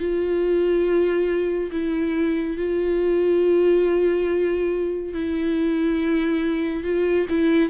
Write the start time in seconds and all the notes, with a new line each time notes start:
0.00 F4
1.72 E4
2.58 F4
5.14 E4
6.84 F4
7.29 E4